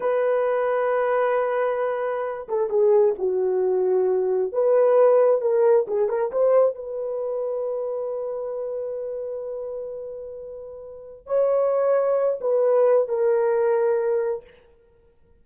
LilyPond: \new Staff \with { instrumentName = "horn" } { \time 4/4 \tempo 4 = 133 b'1~ | b'4. a'8 gis'4 fis'4~ | fis'2 b'2 | ais'4 gis'8 ais'8 c''4 b'4~ |
b'1~ | b'1~ | b'4 cis''2~ cis''8 b'8~ | b'4 ais'2. | }